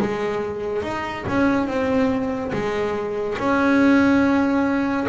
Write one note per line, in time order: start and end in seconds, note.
0.00 0.83 G#3
0.83 1.25 D#4
1.28 1.67 C#4
1.67 2.52 C4
2.53 3.38 G#3
3.38 5.07 C#4